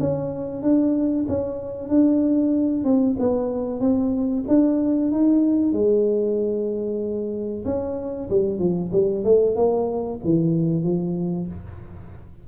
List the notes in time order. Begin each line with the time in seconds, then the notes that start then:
0.00 C#4
0.62 D4
1.29 C#4
1.89 D4
2.85 C4
3.19 B3
3.81 C4
4.48 D4
5.12 D#4
5.73 G#3
7.65 C#4
8.30 G3
8.59 F3
8.92 G3
9.24 A3
9.56 A#3
10.24 E3
10.84 F3